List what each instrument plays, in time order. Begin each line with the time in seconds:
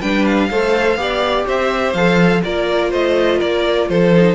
0.00 cello G3, viola D4, violin B4 G5
0.25 violin F5
0.50 cello A3, viola A4, violin C5
0.96 cello B3, viola G4, violin D5
1.45 cello C4, violin C5 E5
1.93 cello F3, viola A4, violin F5
2.43 cello A#3, viola F4, violin A#4 D5
2.90 cello A3, violin C5 D#5
3.38 cello A#3, violin A#4 D5
3.89 cello F3, violin A4 C5
4.16 viola D#4